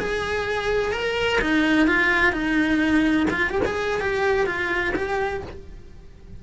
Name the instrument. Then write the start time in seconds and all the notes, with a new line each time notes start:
cello
0.00 G#4
0.92 A#4
1.41 D#4
1.88 F4
2.33 D#4
3.31 F4
3.50 G4
3.65 G#4
4.01 G4
4.47 F4
4.96 G4